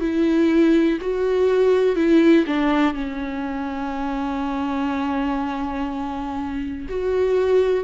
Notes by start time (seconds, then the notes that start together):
0.00 E4
1.01 F#4
1.95 E4
2.46 D4
2.94 C#4
6.89 F#4